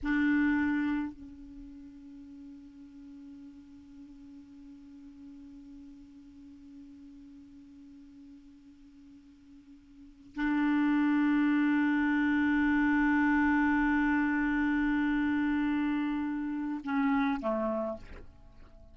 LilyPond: \new Staff \with { instrumentName = "clarinet" } { \time 4/4 \tempo 4 = 107 d'2 cis'2~ | cis'1~ | cis'1~ | cis'1~ |
cis'2~ cis'8 d'4.~ | d'1~ | d'1~ | d'2 cis'4 a4 | }